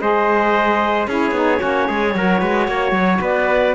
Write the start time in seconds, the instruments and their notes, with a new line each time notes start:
0.00 cello G#3, saxophone G#4, trumpet C5, clarinet D#5
1.07 cello C#4, saxophone E4, trumpet G#4, clarinet C#5
1.31 cello B3, saxophone D#4
1.58 cello A#3, saxophone C#4, trumpet F#4
1.88 cello G#3, trumpet G#4
2.15 cello F#3, saxophone F#4, trumpet A#4
2.40 cello G#3, trumpet B4
2.68 cello A#3, trumpet C#5
2.92 cello F#3
3.21 cello B3, trumpet B4, clarinet D5